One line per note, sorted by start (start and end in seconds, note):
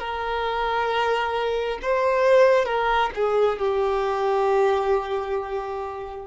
0.00 1.79 A#4
1.82 2.65 C5
2.65 3.10 A#4
3.15 3.59 G#4
3.59 6.27 G4